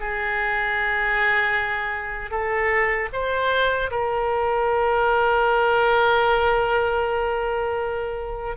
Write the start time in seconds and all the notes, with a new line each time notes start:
0.00 G#4
2.31 A4
3.13 C5
3.91 A#4